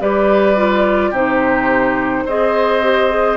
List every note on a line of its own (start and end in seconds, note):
0.00 1.11 G3
0.00 0.57 G4
0.00 1.10 B4
0.00 1.14 D5
0.57 1.13 F4
1.10 2.25 C3
1.10 2.28 D#4
1.10 2.24 G4
1.10 2.28 C5
2.25 3.36 C4
2.25 2.83 G#4
2.25 3.36 C5
2.25 3.36 D#5
2.83 3.10 G4
3.10 3.36 G#4